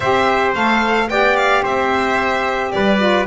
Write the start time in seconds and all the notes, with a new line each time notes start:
0.00 C4 G4 C5 E5
0.54 A3 A4 F5
1.09 B3 G4 D5 G5
1.36 F5
1.63 C4 C5 E5
2.71 G3 B4 D5
2.98 F4